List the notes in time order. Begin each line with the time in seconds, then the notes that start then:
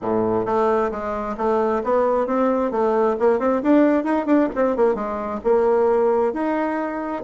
0.01 A2
0.45 A3
0.91 G#3
1.37 A3
1.83 B3
2.26 C4
2.71 A3
3.19 A#3
3.39 C4
3.62 D4
4.04 D#4
4.26 D4
4.55 C4
4.76 A#3
4.95 G#3
5.44 A#3
6.33 D#4